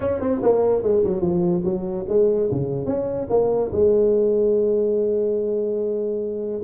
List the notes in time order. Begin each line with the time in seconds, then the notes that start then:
0.00 C#4
0.20 C4
0.42 A#3
0.82 G#3
1.04 F#3
1.21 F3
1.64 F#3
2.08 G#3
2.51 C#3
2.86 C#4
3.29 A#3
3.72 G#3